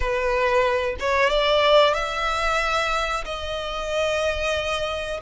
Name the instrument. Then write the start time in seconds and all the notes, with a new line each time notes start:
violin
0.00 B4
0.99 C#5
1.29 D5
1.94 E5
3.24 D#5